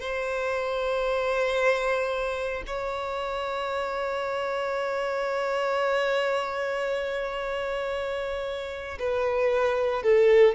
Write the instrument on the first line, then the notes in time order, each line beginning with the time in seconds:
violin
0.00 C5
2.67 C#5
8.99 B4
10.03 A4